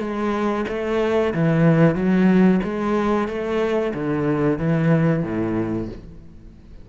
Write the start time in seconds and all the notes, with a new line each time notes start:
0.00 G#3
0.68 A3
1.34 E3
1.95 F#3
2.64 G#3
3.28 A3
3.94 D3
4.59 E3
5.23 A2